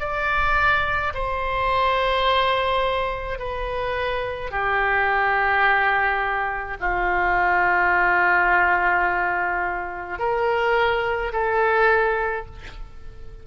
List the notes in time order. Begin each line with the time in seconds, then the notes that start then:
0.00 D5
1.14 C5
3.39 B4
4.51 G4
6.80 F4
10.19 A#4
11.33 A4